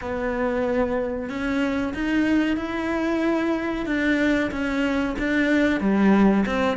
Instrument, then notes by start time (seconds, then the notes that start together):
cello
0.01 B3
1.29 C#4
1.94 D#4
2.57 E4
3.86 D4
4.51 C#4
5.18 D4
5.80 G3
6.45 C4